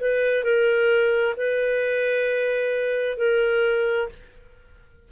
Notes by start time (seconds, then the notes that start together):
0.00 B4
0.43 A#4
1.37 B4
3.17 A#4